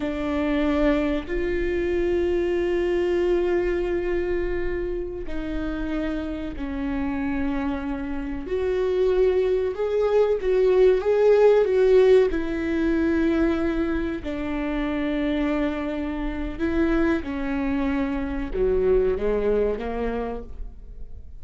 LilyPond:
\new Staff \with { instrumentName = "viola" } { \time 4/4 \tempo 4 = 94 d'2 f'2~ | f'1~ | f'16 dis'2 cis'4.~ cis'16~ | cis'4~ cis'16 fis'2 gis'8.~ |
gis'16 fis'4 gis'4 fis'4 e'8.~ | e'2~ e'16 d'4.~ d'16~ | d'2 e'4 cis'4~ | cis'4 fis4 gis4 ais4 | }